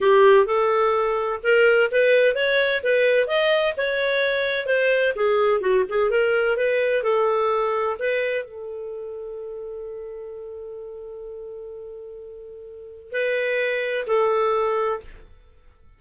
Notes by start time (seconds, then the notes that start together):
0.00 G4
0.46 A4
1.43 A#4
1.91 B4
2.35 C#5
2.83 B4
3.27 D#5
3.77 C#5
4.66 C5
5.15 G#4
5.60 F#4
5.89 G#4
6.10 A#4
6.56 B4
7.03 A4
7.99 B4
8.44 A4
13.11 B4
14.06 A4